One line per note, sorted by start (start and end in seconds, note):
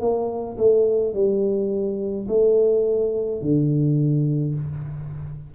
0.00 0.57 A#3
0.57 1.14 A3
1.14 2.27 G3
2.28 3.41 A3
3.41 4.54 D3